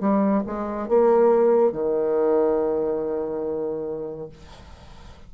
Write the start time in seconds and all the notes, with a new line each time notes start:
0.00 G3
0.46 G#3
0.88 A#3
1.72 D#3